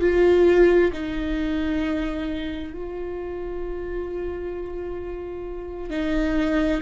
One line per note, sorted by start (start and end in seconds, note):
0.00 0.91 F4
0.93 2.73 D#4
2.73 5.90 F4
5.90 6.81 D#4